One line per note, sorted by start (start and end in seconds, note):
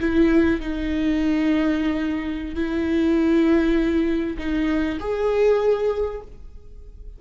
0.00 0.61 E4
0.61 2.55 D#4
2.55 4.37 E4
4.38 4.99 D#4
5.00 6.21 G#4